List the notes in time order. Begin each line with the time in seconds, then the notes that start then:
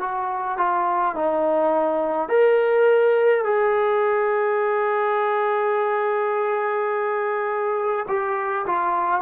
0.00 F#4
0.58 F4
1.15 D#4
2.29 A#4
3.45 G#4
8.08 G4
8.66 F4